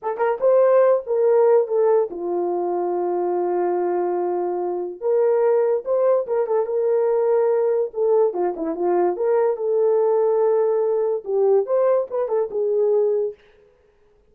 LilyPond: \new Staff \with { instrumentName = "horn" } { \time 4/4 \tempo 4 = 144 a'8 ais'8 c''4. ais'4. | a'4 f'2.~ | f'1 | ais'2 c''4 ais'8 a'8 |
ais'2. a'4 | f'8 e'8 f'4 ais'4 a'4~ | a'2. g'4 | c''4 b'8 a'8 gis'2 | }